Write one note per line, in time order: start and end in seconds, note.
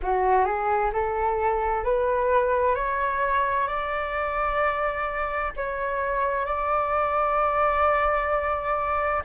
0.02 0.44 F#4
0.44 0.91 G#4
0.92 1.83 A4
1.83 2.75 B4
2.75 3.67 C#5
3.67 5.52 D5
5.56 6.45 C#5
6.45 9.22 D5